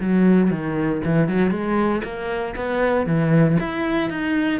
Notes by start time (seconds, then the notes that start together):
0.00 F#3
0.50 D#3
1.04 E3
1.28 F#3
1.51 G#3
2.04 A#3
2.56 B3
3.06 E3
3.60 E4
4.10 D#4